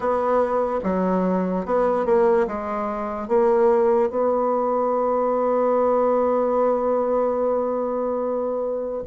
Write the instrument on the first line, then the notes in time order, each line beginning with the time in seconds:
bassoon
0.00 B3
0.83 F#3
1.65 B3
2.05 A#3
2.47 G#3
3.28 A#3
4.10 B3